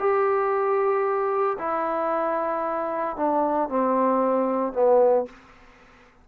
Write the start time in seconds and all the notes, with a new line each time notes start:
0.00 G4
1.59 E4
3.17 D4
3.70 C4
4.73 B3